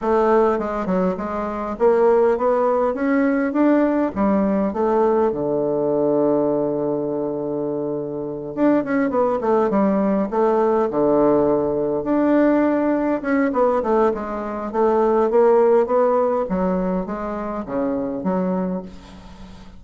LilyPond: \new Staff \with { instrumentName = "bassoon" } { \time 4/4 \tempo 4 = 102 a4 gis8 fis8 gis4 ais4 | b4 cis'4 d'4 g4 | a4 d2.~ | d2~ d8 d'8 cis'8 b8 |
a8 g4 a4 d4.~ | d8 d'2 cis'8 b8 a8 | gis4 a4 ais4 b4 | fis4 gis4 cis4 fis4 | }